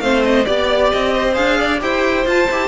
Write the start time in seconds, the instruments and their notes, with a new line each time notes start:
0.00 cello A3, viola C4, violin C5 F5
0.23 violin D#5
0.45 cello B3, viola G4, violin D5
0.91 cello C4, violin D#5
1.15 violin C5
1.33 cello D4, viola G#4, violin F5
1.58 violin D5
1.80 cello E4, viola G4, violin C5 G5
2.26 cello F4, viola F4, violin A5
2.51 cello E4, viola G4